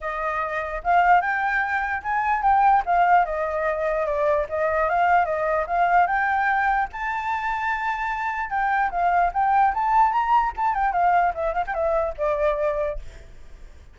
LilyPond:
\new Staff \with { instrumentName = "flute" } { \time 4/4 \tempo 4 = 148 dis''2 f''4 g''4~ | g''4 gis''4 g''4 f''4 | dis''2 d''4 dis''4 | f''4 dis''4 f''4 g''4~ |
g''4 a''2.~ | a''4 g''4 f''4 g''4 | a''4 ais''4 a''8 g''8 f''4 | e''8 f''16 g''16 e''4 d''2 | }